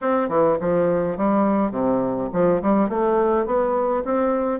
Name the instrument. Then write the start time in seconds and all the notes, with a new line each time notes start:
bassoon
0.01 C4
0.28 E3
0.60 F3
1.17 G3
1.71 C3
2.32 F3
2.62 G3
2.89 A3
3.46 B3
4.05 C4